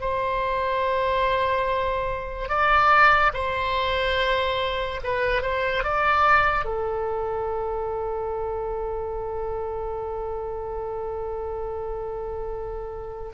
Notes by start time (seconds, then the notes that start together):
0.00 C5
2.48 D5
3.33 C5
5.03 B4
5.42 C5
5.83 D5
6.64 A4